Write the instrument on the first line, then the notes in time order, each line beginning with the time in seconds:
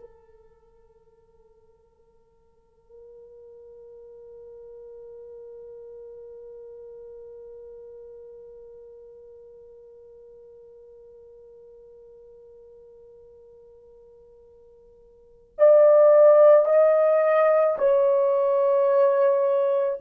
horn
0.00 A#4
15.58 D5
16.65 D#5
17.78 C#5